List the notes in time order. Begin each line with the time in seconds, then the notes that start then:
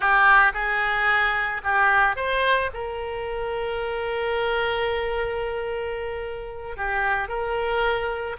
0.00 G4
0.53 G#4
1.63 G4
2.16 C5
2.73 A#4
6.77 G4
7.28 A#4